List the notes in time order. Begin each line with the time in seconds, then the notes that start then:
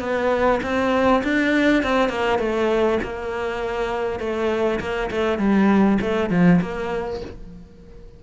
0.00 B3
0.63 C4
1.24 D4
1.83 C4
2.09 A#3
2.39 A3
3.03 A#3
4.20 A3
4.80 A#3
5.11 A3
5.39 G3
6.01 A3
6.30 F3
6.62 A#3